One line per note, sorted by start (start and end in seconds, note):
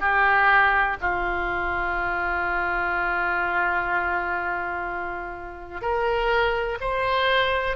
0.00 0.97 G4
1.01 5.82 F4
5.82 6.78 A#4
6.81 7.76 C5